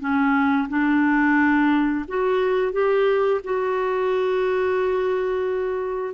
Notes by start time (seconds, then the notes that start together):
0.00 C#4
0.69 D4
2.08 F#4
2.73 G4
3.44 F#4